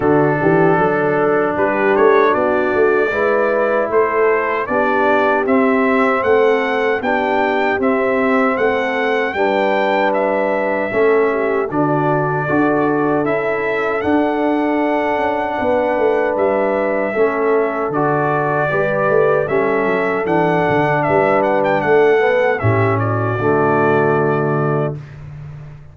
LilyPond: <<
  \new Staff \with { instrumentName = "trumpet" } { \time 4/4 \tempo 4 = 77 a'2 b'8 cis''8 d''4~ | d''4 c''4 d''4 e''4 | fis''4 g''4 e''4 fis''4 | g''4 e''2 d''4~ |
d''4 e''4 fis''2~ | fis''4 e''2 d''4~ | d''4 e''4 fis''4 e''8 fis''16 g''16 | fis''4 e''8 d''2~ d''8 | }
  \new Staff \with { instrumentName = "horn" } { \time 4/4 fis'8 g'8 a'4 g'4 fis'4 | b'4 a'4 g'2 | a'4 g'2 a'4 | b'2 a'8 g'8 fis'4 |
a'1 | b'2 a'2 | b'4 a'2 b'4 | a'4 g'8 fis'2~ fis'8 | }
  \new Staff \with { instrumentName = "trombone" } { \time 4/4 d'1 | e'2 d'4 c'4~ | c'4 d'4 c'2 | d'2 cis'4 d'4 |
fis'4 e'4 d'2~ | d'2 cis'4 fis'4 | g'4 cis'4 d'2~ | d'8 b8 cis'4 a2 | }
  \new Staff \with { instrumentName = "tuba" } { \time 4/4 d8 e8 fis4 g8 a8 b8 a8 | gis4 a4 b4 c'4 | a4 b4 c'4 a4 | g2 a4 d4 |
d'4 cis'4 d'4. cis'8 | b8 a8 g4 a4 d4 | g8 a8 g8 fis8 e8 d8 g4 | a4 a,4 d2 | }
>>